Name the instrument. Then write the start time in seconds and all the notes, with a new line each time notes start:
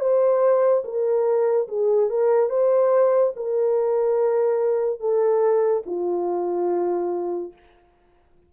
horn
0.00 C5
0.84 A#4
1.68 G#4
2.09 A#4
2.50 C5
3.36 A#4
5.00 A4
5.86 F4